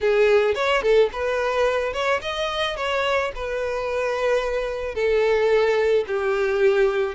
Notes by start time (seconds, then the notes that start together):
0.01 G#4
0.55 C#5
0.82 A4
1.12 B4
1.93 C#5
2.21 D#5
2.76 C#5
3.35 B4
4.94 A4
6.07 G4